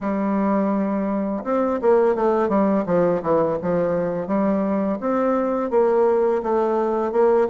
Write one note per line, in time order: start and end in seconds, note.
0.00 1.43 G3
1.44 1.80 C4
1.81 2.15 A#3
2.15 2.48 A3
2.48 2.84 G3
2.85 3.21 F3
3.22 3.57 E3
3.61 4.27 F3
4.27 4.98 G3
5.00 5.70 C4
5.70 6.42 A#3
6.43 7.11 A3
7.11 7.47 A#3